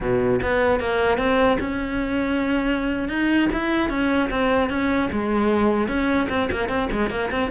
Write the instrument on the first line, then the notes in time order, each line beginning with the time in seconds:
cello
0.00 B2
0.42 B3
0.80 A#3
1.17 C4
1.60 C#4
3.08 D#4
3.53 E4
3.89 C#4
4.30 C4
4.69 C#4
5.11 G#3
5.88 C#4
6.29 C4
6.51 A#3
6.69 C4
6.91 G#3
7.09 A#3
7.31 C4